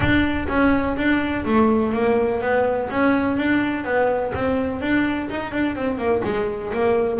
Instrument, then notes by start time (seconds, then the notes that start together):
double bass
0.00 D4
0.48 C#4
0.96 D4
1.45 A3
1.93 A#3
2.41 B3
2.90 C#4
3.37 D4
3.84 B3
4.34 C4
4.81 D4
5.30 D#4
5.51 D4
5.75 C4
5.98 A#3
6.24 G#3
6.73 A#3